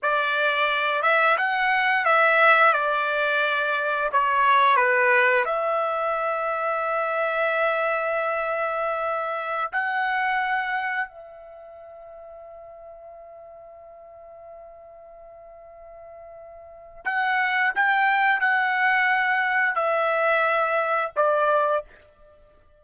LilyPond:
\new Staff \with { instrumentName = "trumpet" } { \time 4/4 \tempo 4 = 88 d''4. e''8 fis''4 e''4 | d''2 cis''4 b'4 | e''1~ | e''2~ e''16 fis''4.~ fis''16~ |
fis''16 e''2.~ e''8.~ | e''1~ | e''4 fis''4 g''4 fis''4~ | fis''4 e''2 d''4 | }